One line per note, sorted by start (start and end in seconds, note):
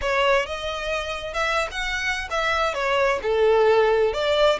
0.01 0.46 C#5
0.46 1.33 D#5
1.33 1.68 E5
1.71 2.28 F#5
2.30 2.74 E5
2.74 3.19 C#5
3.22 4.13 A4
4.13 4.59 D5